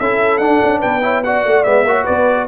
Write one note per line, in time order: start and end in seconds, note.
0.00 0.39 C#4
0.00 0.41 E4
0.00 0.79 A4
0.00 0.38 E5
0.38 0.60 D4
0.38 1.02 D4
0.38 0.80 F#5
0.63 0.84 C#4
0.79 1.45 B3
0.79 1.00 B4
0.79 1.23 G5
1.02 1.23 E4
1.02 1.24 C#5
1.24 1.65 F#4
1.24 1.88 D5
1.24 1.64 F#5
1.45 1.66 A3
1.64 1.84 G#3
1.64 1.86 B3
1.64 2.05 E5
1.84 2.05 A#3
1.84 2.48 F#4
1.84 2.04 C#5
2.04 2.48 B3
2.04 2.45 B4
2.04 2.47 D5